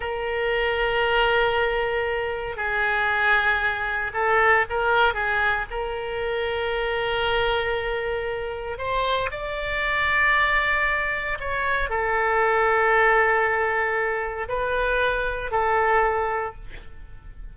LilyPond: \new Staff \with { instrumentName = "oboe" } { \time 4/4 \tempo 4 = 116 ais'1~ | ais'4 gis'2. | a'4 ais'4 gis'4 ais'4~ | ais'1~ |
ais'4 c''4 d''2~ | d''2 cis''4 a'4~ | a'1 | b'2 a'2 | }